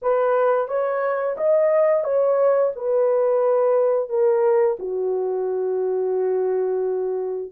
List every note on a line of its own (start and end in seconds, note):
0.02 0.68 B4
0.68 1.36 C#5
1.37 2.04 D#5
2.04 2.72 C#5
2.75 4.09 B4
4.09 4.77 A#4
4.79 7.52 F#4